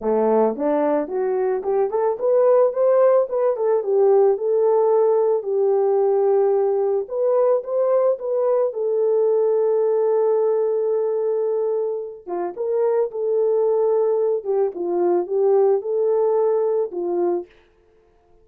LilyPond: \new Staff \with { instrumentName = "horn" } { \time 4/4 \tempo 4 = 110 a4 d'4 fis'4 g'8 a'8 | b'4 c''4 b'8 a'8 g'4 | a'2 g'2~ | g'4 b'4 c''4 b'4 |
a'1~ | a'2~ a'8 f'8 ais'4 | a'2~ a'8 g'8 f'4 | g'4 a'2 f'4 | }